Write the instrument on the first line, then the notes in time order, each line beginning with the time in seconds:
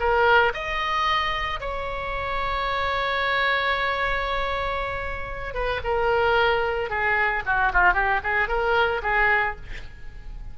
oboe
0.00 A#4
0.54 D#5
1.61 C#5
5.55 B4
5.84 A#4
6.90 G#4
7.46 F#4
7.74 F4
7.94 G4
8.24 G#4
8.49 A#4
9.03 G#4